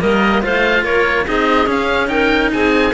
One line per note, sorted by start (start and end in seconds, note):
0.00 0.44 G3
0.00 0.42 A#3
0.00 0.43 A#4
0.00 0.43 D#5
0.42 0.85 A3
0.42 1.26 F4
0.42 0.84 C5
0.42 0.84 F5
0.84 1.27 A#3
0.84 1.26 A#4
0.84 1.26 C#5
1.26 1.67 C4
1.26 1.66 D#4
1.26 2.10 G#4
1.26 1.69 D#5
1.66 2.08 C#4
1.66 2.51 C#4
1.66 2.08 F5
2.08 2.91 D#4
2.08 2.53 A#4
2.08 2.50 G5
2.53 2.94 C4
2.53 2.94 G#4
2.53 2.94 G#5